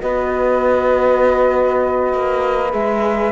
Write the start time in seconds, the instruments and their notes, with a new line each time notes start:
0.00 cello B3, horn F#4, saxophone B4, flute D#5
2.13 cello A#3
2.70 cello G#3, horn G#4, flute E5